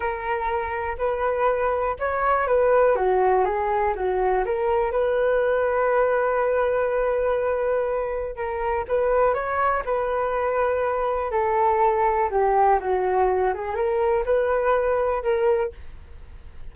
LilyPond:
\new Staff \with { instrumentName = "flute" } { \time 4/4 \tempo 4 = 122 ais'2 b'2 | cis''4 b'4 fis'4 gis'4 | fis'4 ais'4 b'2~ | b'1~ |
b'4 ais'4 b'4 cis''4 | b'2. a'4~ | a'4 g'4 fis'4. gis'8 | ais'4 b'2 ais'4 | }